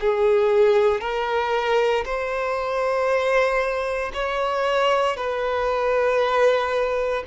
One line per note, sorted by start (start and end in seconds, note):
0.00 1.00 G#4
1.00 2.04 A#4
2.05 4.11 C5
4.13 5.16 C#5
5.16 7.23 B4